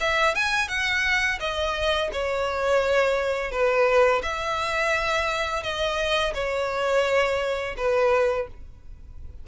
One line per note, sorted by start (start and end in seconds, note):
0.00 0.35 E5
0.35 0.68 G#5
0.68 1.38 F#5
1.40 2.10 D#5
2.12 3.51 C#5
3.51 4.22 B4
4.22 5.62 E5
5.62 6.33 D#5
6.34 7.75 C#5
7.76 8.47 B4